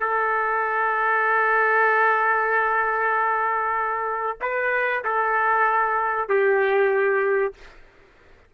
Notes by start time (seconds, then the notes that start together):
0.00 A4
4.41 B4
5.04 A4
6.29 G4